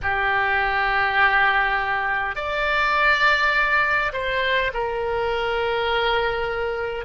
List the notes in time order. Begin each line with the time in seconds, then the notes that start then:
0.02 G4
2.35 D5
4.12 C5
4.73 A#4